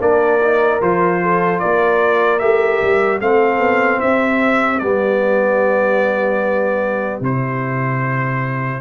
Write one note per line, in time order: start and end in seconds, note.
0.00 0.81 A#3
0.00 0.40 D4
0.00 1.22 A#4
0.00 0.82 D5
0.45 0.82 D#4
0.82 1.62 F3
0.82 2.41 F4
0.82 1.60 C5
1.22 1.62 A4
1.60 2.42 A#3
1.60 3.22 A#4
1.60 2.39 D5
2.39 2.82 A3
2.39 3.21 G4
2.39 3.19 E5
2.82 3.21 G3
3.21 3.59 A3
3.21 4.81 C4
3.21 4.02 A4
3.21 4.01 F5
3.59 3.99 B3
4.01 4.82 C4
4.01 8.82 G4
4.01 4.79 E5
4.79 7.21 G3
4.79 7.23 B3
4.79 7.20 D5
7.21 8.81 C3
7.21 8.82 E4
7.21 8.82 C5